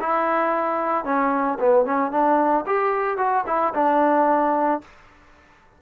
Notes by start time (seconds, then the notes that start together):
0.00 E4
1.05 C#4
1.60 B3
1.86 C#4
2.12 D4
2.67 G4
3.18 F#4
3.47 E4
3.75 D4